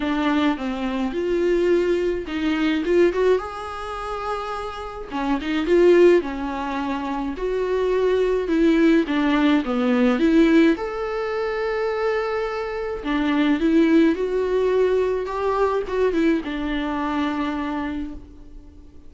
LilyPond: \new Staff \with { instrumentName = "viola" } { \time 4/4 \tempo 4 = 106 d'4 c'4 f'2 | dis'4 f'8 fis'8 gis'2~ | gis'4 cis'8 dis'8 f'4 cis'4~ | cis'4 fis'2 e'4 |
d'4 b4 e'4 a'4~ | a'2. d'4 | e'4 fis'2 g'4 | fis'8 e'8 d'2. | }